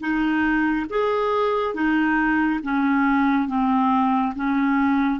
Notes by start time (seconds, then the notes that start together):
0.00 D#4
0.90 G#4
1.74 D#4
2.63 C#4
3.48 C4
4.36 C#4